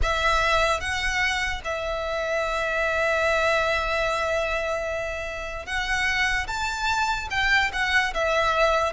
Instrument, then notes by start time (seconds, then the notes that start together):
violin
0.02 E5
0.80 F#5
1.64 E5
5.66 F#5
6.47 A5
7.30 G5
7.72 F#5
8.14 E5